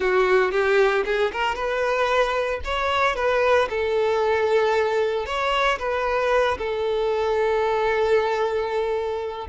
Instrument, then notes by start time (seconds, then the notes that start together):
violin
0.00 F#4
0.51 G4
1.05 G#4
1.32 A#4
1.55 B4
2.64 C#5
3.15 B4
3.69 A4
5.26 C#5
5.78 B4
6.58 A4